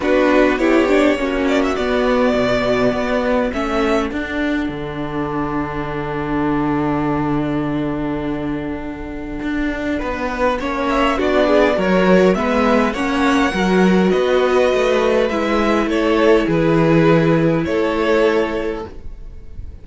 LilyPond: <<
  \new Staff \with { instrumentName = "violin" } { \time 4/4 \tempo 4 = 102 b'4 cis''4. d''16 e''16 d''4~ | d''2 e''4 fis''4~ | fis''1~ | fis''1~ |
fis''2~ fis''8 e''8 d''4 | cis''4 e''4 fis''2 | dis''2 e''4 cis''4 | b'2 cis''2 | }
  \new Staff \with { instrumentName = "violin" } { \time 4/4 fis'4 g'4 fis'2~ | fis'2 a'2~ | a'1~ | a'1~ |
a'4 b'4 cis''4 fis'8 gis'8 | ais'4 b'4 cis''4 ais'4 | b'2. a'4 | gis'2 a'2 | }
  \new Staff \with { instrumentName = "viola" } { \time 4/4 d'4 e'8 d'8 cis'4 b4~ | b2 cis'4 d'4~ | d'1~ | d'1~ |
d'2 cis'4 d'4 | fis'4 b4 cis'4 fis'4~ | fis'2 e'2~ | e'1 | }
  \new Staff \with { instrumentName = "cello" } { \time 4/4 b2 ais4 b4 | b,4 b4 a4 d'4 | d1~ | d1 |
d'4 b4 ais4 b4 | fis4 gis4 ais4 fis4 | b4 a4 gis4 a4 | e2 a2 | }
>>